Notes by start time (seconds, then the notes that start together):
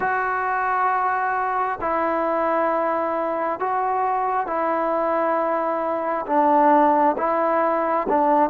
0.00 F#4
1.80 E4
3.59 F#4
4.46 E4
6.26 D4
7.17 E4
8.08 D4